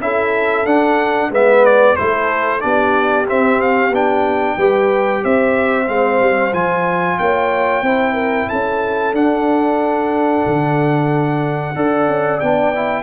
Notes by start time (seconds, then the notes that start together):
0.00 C#4 E4 A4 E5
0.65 D4 F#5
1.30 G#3 B3 B4 E5
1.65 D5
1.96 A3 E4 A4 C5
2.60 B3 D4 G4 D5
3.26 C4 E5
3.61 F5
3.89 B3 D4 G5
4.57 G3 G4 B4
5.23 C4 C5 E5
5.86 G#3 C4 F5
6.20 G3
6.52 F3 F4 G#5
7.18 A#3 C#5 G5
7.82 C4 E4 C5
8.13 A#4
8.49 C#4 A4 A5
9.13 D4 F#5
10.46 D3
11.75 D4 A4 D5
12.07 C#4
12.40 B3 D4 G5
12.74 E4